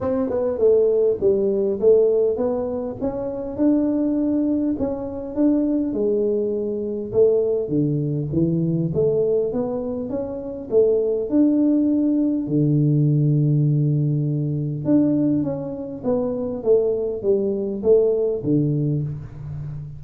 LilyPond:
\new Staff \with { instrumentName = "tuba" } { \time 4/4 \tempo 4 = 101 c'8 b8 a4 g4 a4 | b4 cis'4 d'2 | cis'4 d'4 gis2 | a4 d4 e4 a4 |
b4 cis'4 a4 d'4~ | d'4 d2.~ | d4 d'4 cis'4 b4 | a4 g4 a4 d4 | }